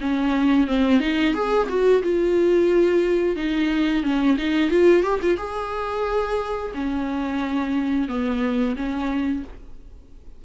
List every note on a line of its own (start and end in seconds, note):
0.00 0.67 C#4
0.67 1.00 C4
1.00 1.34 D#4
1.34 1.68 G#4
1.69 2.02 F#4
2.03 3.36 F4
3.36 4.03 D#4
4.03 4.37 C#4
4.38 4.70 D#4
4.70 5.03 F4
5.03 5.20 G4
5.22 5.37 F4
5.37 6.72 G#4
6.74 8.08 C#4
8.08 8.75 B3
8.76 9.43 C#4